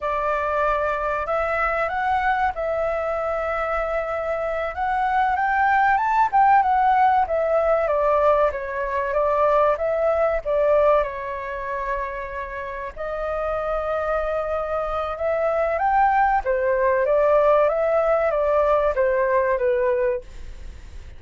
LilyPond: \new Staff \with { instrumentName = "flute" } { \time 4/4 \tempo 4 = 95 d''2 e''4 fis''4 | e''2.~ e''8 fis''8~ | fis''8 g''4 a''8 g''8 fis''4 e''8~ | e''8 d''4 cis''4 d''4 e''8~ |
e''8 d''4 cis''2~ cis''8~ | cis''8 dis''2.~ dis''8 | e''4 g''4 c''4 d''4 | e''4 d''4 c''4 b'4 | }